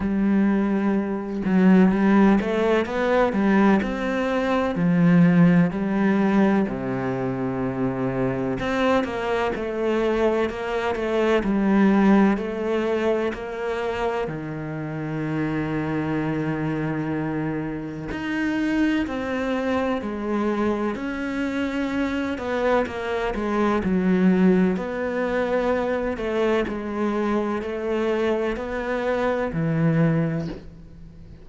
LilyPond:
\new Staff \with { instrumentName = "cello" } { \time 4/4 \tempo 4 = 63 g4. fis8 g8 a8 b8 g8 | c'4 f4 g4 c4~ | c4 c'8 ais8 a4 ais8 a8 | g4 a4 ais4 dis4~ |
dis2. dis'4 | c'4 gis4 cis'4. b8 | ais8 gis8 fis4 b4. a8 | gis4 a4 b4 e4 | }